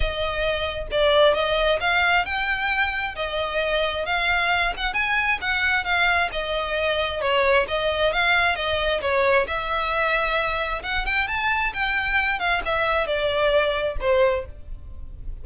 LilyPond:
\new Staff \with { instrumentName = "violin" } { \time 4/4 \tempo 4 = 133 dis''2 d''4 dis''4 | f''4 g''2 dis''4~ | dis''4 f''4. fis''8 gis''4 | fis''4 f''4 dis''2 |
cis''4 dis''4 f''4 dis''4 | cis''4 e''2. | fis''8 g''8 a''4 g''4. f''8 | e''4 d''2 c''4 | }